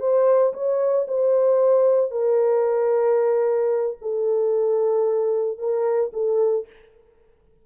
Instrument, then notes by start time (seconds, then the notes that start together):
horn
0.00 C5
0.54 C#5
1.08 C5
2.11 A#4
4.01 A4
5.58 A#4
6.13 A4